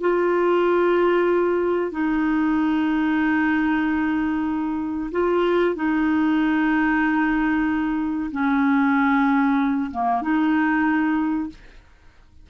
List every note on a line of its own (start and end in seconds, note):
0.00 1.91 F4
1.91 5.10 D#4
5.11 5.75 F4
5.75 8.30 D#4
8.31 9.90 C#4
9.91 10.21 A#3
10.21 11.49 D#4